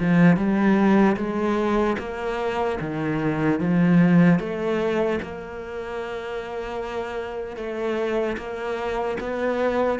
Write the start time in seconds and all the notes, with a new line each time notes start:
0.00 F3
0.37 G3
1.17 G#3
1.99 A#3
2.81 D#3
3.60 F3
4.40 A3
5.23 A#3
7.57 A3
8.37 A#3
9.20 B3